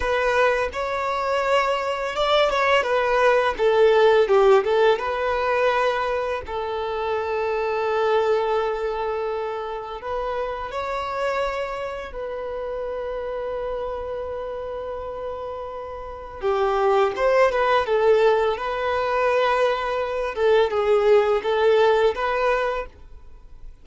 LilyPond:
\new Staff \with { instrumentName = "violin" } { \time 4/4 \tempo 4 = 84 b'4 cis''2 d''8 cis''8 | b'4 a'4 g'8 a'8 b'4~ | b'4 a'2.~ | a'2 b'4 cis''4~ |
cis''4 b'2.~ | b'2. g'4 | c''8 b'8 a'4 b'2~ | b'8 a'8 gis'4 a'4 b'4 | }